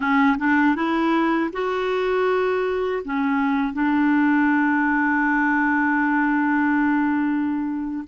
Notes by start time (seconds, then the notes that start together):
0.00 C#4
0.38 D4
0.75 E4
1.52 F#4
3.04 C#4
3.73 D4